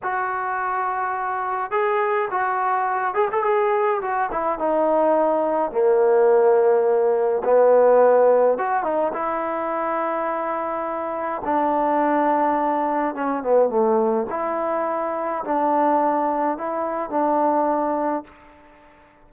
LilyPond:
\new Staff \with { instrumentName = "trombone" } { \time 4/4 \tempo 4 = 105 fis'2. gis'4 | fis'4. gis'16 a'16 gis'4 fis'8 e'8 | dis'2 ais2~ | ais4 b2 fis'8 dis'8 |
e'1 | d'2. cis'8 b8 | a4 e'2 d'4~ | d'4 e'4 d'2 | }